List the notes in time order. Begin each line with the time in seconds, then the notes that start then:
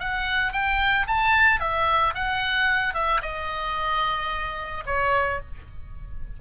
0.00 F#5
0.53 G5
1.07 A5
1.60 E5
2.15 F#5
2.95 E5
3.22 D#5
4.86 C#5